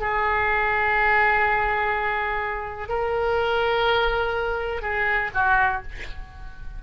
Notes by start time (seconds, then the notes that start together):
0.00 G#4
2.89 A#4
4.83 G#4
5.34 F#4